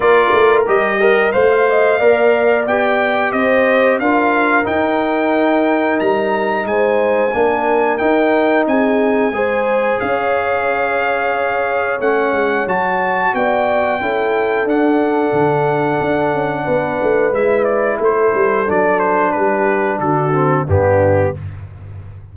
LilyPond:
<<
  \new Staff \with { instrumentName = "trumpet" } { \time 4/4 \tempo 4 = 90 d''4 dis''4 f''2 | g''4 dis''4 f''4 g''4~ | g''4 ais''4 gis''2 | g''4 gis''2 f''4~ |
f''2 fis''4 a''4 | g''2 fis''2~ | fis''2 e''8 d''8 c''4 | d''8 c''8 b'4 a'4 g'4 | }
  \new Staff \with { instrumentName = "horn" } { \time 4/4 ais'4. g'8 c''16 f''16 dis''8 d''4~ | d''4 c''4 ais'2~ | ais'2 c''4 ais'4~ | ais'4 gis'4 c''4 cis''4~ |
cis''1 | d''4 a'2.~ | a'4 b'2 a'4~ | a'4 g'4 fis'4 d'4 | }
  \new Staff \with { instrumentName = "trombone" } { \time 4/4 f'4 g'8 ais'8 c''4 ais'4 | g'2 f'4 dis'4~ | dis'2. d'4 | dis'2 gis'2~ |
gis'2 cis'4 fis'4~ | fis'4 e'4 d'2~ | d'2 e'2 | d'2~ d'8 c'8 b4 | }
  \new Staff \with { instrumentName = "tuba" } { \time 4/4 ais8 a8 g4 a4 ais4 | b4 c'4 d'4 dis'4~ | dis'4 g4 gis4 ais4 | dis'4 c'4 gis4 cis'4~ |
cis'2 a8 gis8 fis4 | b4 cis'4 d'4 d4 | d'8 cis'8 b8 a8 gis4 a8 g8 | fis4 g4 d4 g,4 | }
>>